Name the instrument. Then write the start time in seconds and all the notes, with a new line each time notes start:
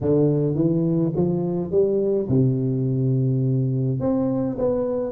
tuba
0.01 D3
0.55 E3
1.15 F3
1.71 G3
2.28 C3
4.00 C4
4.58 B3